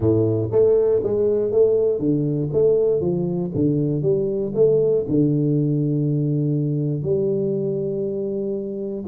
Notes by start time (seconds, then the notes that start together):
0.00 A2
0.51 A3
1.03 G#3
1.51 A3
1.99 D3
2.53 A3
3.00 F3
3.55 D3
4.02 G3
4.54 A3
5.08 D3
7.02 G3